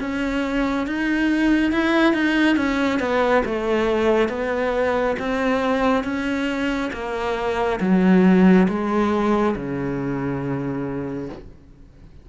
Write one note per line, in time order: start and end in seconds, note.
0.00 0.87 C#4
0.87 1.72 D#4
1.72 2.14 E4
2.14 2.57 D#4
2.57 2.99 C#4
2.99 3.43 B3
3.45 4.29 A3
4.29 5.16 B3
5.19 6.04 C4
6.04 6.91 C#4
6.92 7.79 A#3
7.80 8.67 F#3
8.68 9.55 G#3
9.55 11.29 C#3